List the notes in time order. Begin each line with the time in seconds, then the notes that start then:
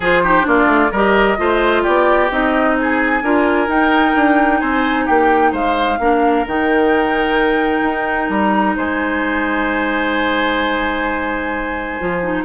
0.00 F3 F4 G#4 C5
0.23 D#4 G4
0.42 A#3 D4 F4 D5
0.66 A3
0.91 G3 G4 A#4 D#5
1.37 A3 F4 C5
1.83 B3 G4 D5
2.30 C4 D#4 D#5
2.78 G#4 G#5
3.22 D4 F4 A#4
3.67 D#4 G5
4.15 D4
4.59 C4 C5 G#5
5.05 A#3 G4 G5
5.51 G#3 C5 F5
5.99 A#3 D4 A#4
6.46 D#3 D#4 G5
7.82 D#4
8.29 G3 A#5
8.76 G#3 C5 G#5
12.00 F3 F4
12.23 D#4